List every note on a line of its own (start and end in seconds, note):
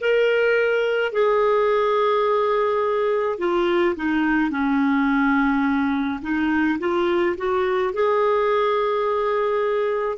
0.00 1.12 A#4
1.12 3.38 G#4
3.38 3.95 F4
3.96 4.50 D#4
4.50 6.20 C#4
6.22 6.78 D#4
6.79 7.35 F4
7.37 7.93 F#4
7.93 10.18 G#4